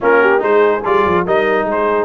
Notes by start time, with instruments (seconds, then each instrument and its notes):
0.00 tuba A#3, trombone C#4, horn F4, trumpet A#4
0.21 horn G4
0.38 tuba G#3, trombone D#4, horn G#4, trumpet C5
0.84 tuba G3, trombone F4, trumpet D5
1.05 tuba F3
1.25 tuba G3, trombone D#4, horn A#4, trumpet D#5
1.64 tuba G#3, horn G#4
1.71 trumpet C5